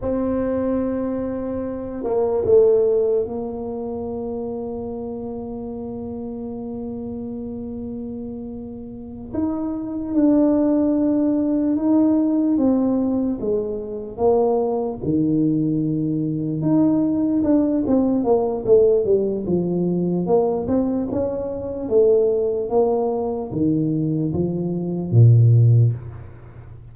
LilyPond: \new Staff \with { instrumentName = "tuba" } { \time 4/4 \tempo 4 = 74 c'2~ c'8 ais8 a4 | ais1~ | ais2.~ ais8 dis'8~ | dis'8 d'2 dis'4 c'8~ |
c'8 gis4 ais4 dis4.~ | dis8 dis'4 d'8 c'8 ais8 a8 g8 | f4 ais8 c'8 cis'4 a4 | ais4 dis4 f4 ais,4 | }